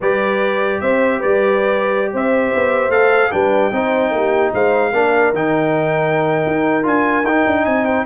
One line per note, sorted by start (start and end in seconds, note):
0.00 0.81 G3
0.00 2.91 G4
0.00 0.81 B4
0.00 0.80 D5
0.80 1.21 C4
0.80 1.19 C5
0.80 1.20 E5
1.19 2.13 G3
1.19 2.10 B4
1.19 2.12 D5
2.12 2.53 C4
2.12 3.32 C5
2.12 2.91 E5
2.54 2.89 B3
2.89 3.29 A3
2.89 3.31 A4
2.89 3.31 F5
3.31 3.72 G3
3.31 3.71 D4
3.31 3.72 B4
3.31 4.52 G5
3.72 4.10 C4
3.72 4.93 D#4
3.72 4.14 C5
4.10 4.51 A#3
4.10 4.53 G4
4.53 4.93 G#3
4.53 4.91 C5
4.53 5.34 F5
4.91 5.33 A#3
4.91 5.34 D4
4.91 7.63 A#4
5.33 6.43 D#3
5.33 6.82 D#4
5.33 6.86 G5
6.46 6.85 D#4
6.82 7.23 D4
6.82 7.23 F4
6.82 7.25 G#5
7.23 7.43 D#4
7.23 8.05 D#4
7.23 7.65 G5
7.46 7.65 D4
7.63 8.05 C4
7.63 7.83 D#5
7.63 7.85 G#5
7.84 8.04 C5
7.84 8.05 G5